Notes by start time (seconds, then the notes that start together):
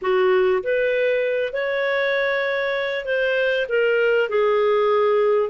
0.01 F#4
0.63 B4
1.53 C#5
3.05 C5
3.68 A#4
4.29 G#4